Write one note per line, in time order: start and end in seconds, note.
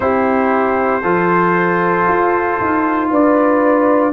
0.00 1.03 C4
0.00 1.03 E4
0.00 1.02 G4
0.00 3.09 C5
1.02 2.07 F3
1.02 4.12 F4
1.02 3.09 A4
2.08 2.59 F4
2.60 3.11 D#4
3.10 4.12 D4
3.10 4.12 B4
3.10 4.12 D5